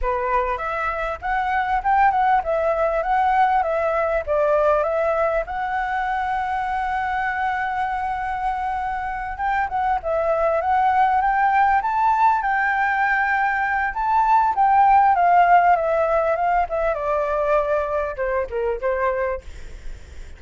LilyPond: \new Staff \with { instrumentName = "flute" } { \time 4/4 \tempo 4 = 99 b'4 e''4 fis''4 g''8 fis''8 | e''4 fis''4 e''4 d''4 | e''4 fis''2.~ | fis''2.~ fis''8 g''8 |
fis''8 e''4 fis''4 g''4 a''8~ | a''8 g''2~ g''8 a''4 | g''4 f''4 e''4 f''8 e''8 | d''2 c''8 ais'8 c''4 | }